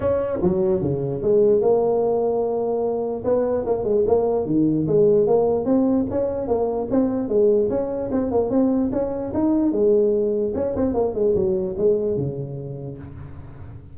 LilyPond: \new Staff \with { instrumentName = "tuba" } { \time 4/4 \tempo 4 = 148 cis'4 fis4 cis4 gis4 | ais1 | b4 ais8 gis8 ais4 dis4 | gis4 ais4 c'4 cis'4 |
ais4 c'4 gis4 cis'4 | c'8 ais8 c'4 cis'4 dis'4 | gis2 cis'8 c'8 ais8 gis8 | fis4 gis4 cis2 | }